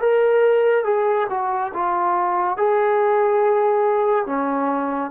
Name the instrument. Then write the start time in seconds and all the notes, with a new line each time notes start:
trombone
0.00 A#4
0.84 G#4
1.29 F#4
1.73 F4
2.57 G#4
4.26 C#4